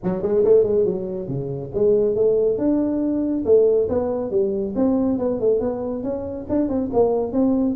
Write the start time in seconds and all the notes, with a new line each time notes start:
0.03 F#3
0.22 G#3
0.44 A3
0.63 G#3
0.85 F#3
1.28 C#3
1.74 G#3
2.15 A3
2.58 D4
3.45 A3
3.88 B3
4.30 G3
4.75 C4
5.18 B3
5.40 A3
5.60 B3
6.03 C#4
6.49 D4
6.68 C4
6.93 A#3
7.32 C4